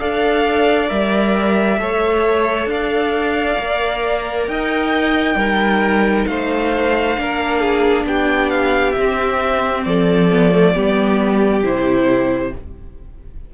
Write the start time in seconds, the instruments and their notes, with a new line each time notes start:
0.00 cello D4, viola A4, violin D5 F5
0.88 cello G3, viola A#4, violin E5
1.79 cello A3, viola A4, violin C#5
2.66 cello D4, violin D5 F5
3.59 cello A#3, viola A#4
4.48 cello D#4, violin D#5 G5
5.35 cello G3, viola D#4, violin A#4
6.26 cello A3, violin C5 F5
7.17 cello A#3, viola D4, violin A#4
7.60 violin G#4
8.04 cello B3, violin G4 G5
8.49 violin F5
8.92 cello C4, violin E5
8.99 viola C4
9.84 cello F3, violin A4 D5
10.32 viola B3
10.51 viola A3
10.75 cello G3, viola B3, violin G4
11.63 cello C3, viola E4, violin C5